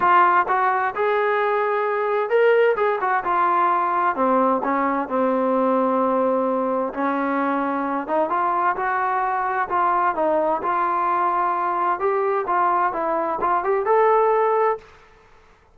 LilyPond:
\new Staff \with { instrumentName = "trombone" } { \time 4/4 \tempo 4 = 130 f'4 fis'4 gis'2~ | gis'4 ais'4 gis'8 fis'8 f'4~ | f'4 c'4 cis'4 c'4~ | c'2. cis'4~ |
cis'4. dis'8 f'4 fis'4~ | fis'4 f'4 dis'4 f'4~ | f'2 g'4 f'4 | e'4 f'8 g'8 a'2 | }